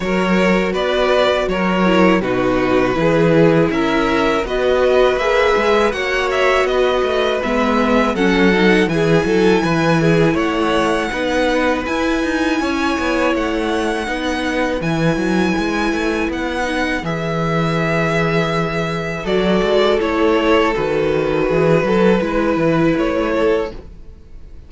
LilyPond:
<<
  \new Staff \with { instrumentName = "violin" } { \time 4/4 \tempo 4 = 81 cis''4 d''4 cis''4 b'4~ | b'4 e''4 dis''4 e''4 | fis''8 e''8 dis''4 e''4 fis''4 | gis''2 fis''2 |
gis''2 fis''2 | gis''2 fis''4 e''4~ | e''2 d''4 cis''4 | b'2. cis''4 | }
  \new Staff \with { instrumentName = "violin" } { \time 4/4 ais'4 b'4 ais'4 fis'4 | gis'4 ais'4 b'2 | cis''4 b'2 a'4 | gis'8 a'8 b'8 gis'8 cis''4 b'4~ |
b'4 cis''2 b'4~ | b'1~ | b'2 a'2~ | a'4 gis'8 a'8 b'4. a'8 | }
  \new Staff \with { instrumentName = "viola" } { \time 4/4 fis'2~ fis'8 e'8 dis'4 | e'2 fis'4 gis'4 | fis'2 b4 cis'8 dis'8 | e'2. dis'4 |
e'2. dis'4 | e'2~ e'8 dis'8 gis'4~ | gis'2 fis'4 e'4 | fis'2 e'2 | }
  \new Staff \with { instrumentName = "cello" } { \time 4/4 fis4 b4 fis4 b,4 | e4 cis'4 b4 ais8 gis8 | ais4 b8 a8 gis4 fis4 | e8 fis8 e4 a4 b4 |
e'8 dis'8 cis'8 b8 a4 b4 | e8 fis8 gis8 a8 b4 e4~ | e2 fis8 gis8 a4 | dis4 e8 fis8 gis8 e8 a4 | }
>>